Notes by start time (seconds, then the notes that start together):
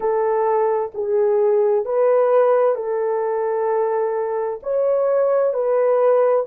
0.00 A4
0.94 G#4
1.85 B4
2.75 A4
4.62 C#5
5.53 B4